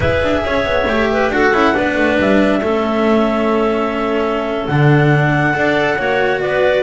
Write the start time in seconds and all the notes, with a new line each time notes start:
0.00 E4 G#4 B4 E5
0.22 D4
0.45 C#4 C#5
0.64 B3
0.86 A3 G4
1.11 B4
1.29 D4 F#4 A4 F#5
1.52 C#4 E4
1.74 B3 D4 B4
1.95 A3
2.18 G3 E5
2.61 A3 C#4 A4
4.67 D3 D4 F#5
5.53 D4 A4 D5
5.97 A#3 F#4 C#5
6.40 B3 B4 D5